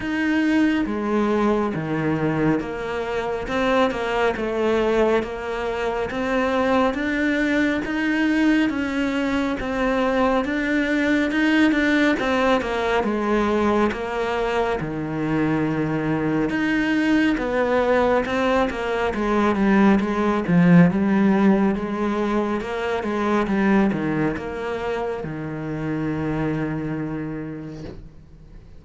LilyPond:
\new Staff \with { instrumentName = "cello" } { \time 4/4 \tempo 4 = 69 dis'4 gis4 dis4 ais4 | c'8 ais8 a4 ais4 c'4 | d'4 dis'4 cis'4 c'4 | d'4 dis'8 d'8 c'8 ais8 gis4 |
ais4 dis2 dis'4 | b4 c'8 ais8 gis8 g8 gis8 f8 | g4 gis4 ais8 gis8 g8 dis8 | ais4 dis2. | }